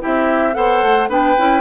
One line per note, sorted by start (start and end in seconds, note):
0.00 0.53 E4
0.00 0.55 G4
0.00 0.55 E5
0.06 0.56 C4
0.53 0.83 B3
0.53 1.07 A4
0.53 1.09 C5
0.53 1.08 F#5
0.83 1.09 A3
1.09 1.36 B3
1.09 1.36 D4
1.09 1.62 B4
1.09 1.62 G5
1.38 1.62 C#4
1.38 1.62 E4